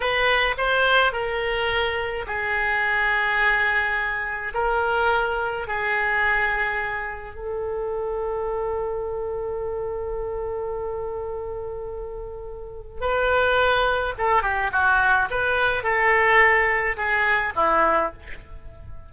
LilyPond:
\new Staff \with { instrumentName = "oboe" } { \time 4/4 \tempo 4 = 106 b'4 c''4 ais'2 | gis'1 | ais'2 gis'2~ | gis'4 a'2.~ |
a'1~ | a'2. b'4~ | b'4 a'8 g'8 fis'4 b'4 | a'2 gis'4 e'4 | }